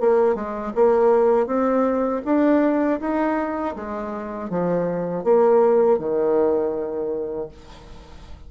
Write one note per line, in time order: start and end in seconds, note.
0.00 0.35 A#3
0.35 0.72 G#3
0.75 1.47 A#3
1.47 2.22 C4
2.25 3.00 D4
3.00 3.75 D#4
3.76 4.50 G#3
4.50 5.24 F3
5.24 5.98 A#3
5.98 7.48 D#3